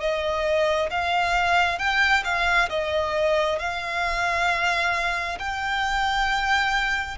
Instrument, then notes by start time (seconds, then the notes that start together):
violin
0.00 D#5
0.90 F5
1.78 G5
2.24 F5
2.69 D#5
3.59 F5
5.39 G5